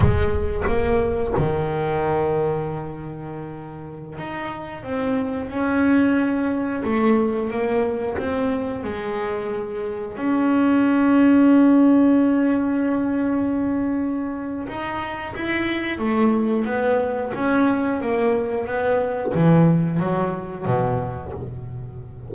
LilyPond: \new Staff \with { instrumentName = "double bass" } { \time 4/4 \tempo 4 = 90 gis4 ais4 dis2~ | dis2~ dis16 dis'4 c'8.~ | c'16 cis'2 a4 ais8.~ | ais16 c'4 gis2 cis'8.~ |
cis'1~ | cis'2 dis'4 e'4 | a4 b4 cis'4 ais4 | b4 e4 fis4 b,4 | }